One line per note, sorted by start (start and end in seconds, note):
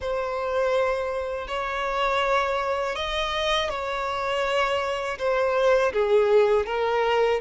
0.00 1.47 C5
1.47 2.95 C#5
2.95 3.69 D#5
3.69 5.18 C#5
5.18 5.92 C5
5.93 6.66 G#4
6.66 7.40 A#4